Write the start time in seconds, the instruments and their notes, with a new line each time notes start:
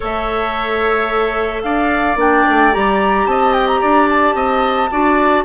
0.00 bassoon A3, clarinet A4, oboe C#5, flute E5
1.62 bassoon D4, oboe D5, flute F5
2.16 bassoon A#3, clarinet D4, flute G5
2.48 bassoon A3
2.72 bassoon G3, clarinet G4, flute A#5
3.26 bassoon C4, oboe D#5, flute A5
3.53 flute G5
3.67 flute A#5
3.80 bassoon D4, oboe D5
4.09 flute A5
4.34 bassoon C4, oboe D#5
4.91 bassoon D4, clarinet F#4, oboe D5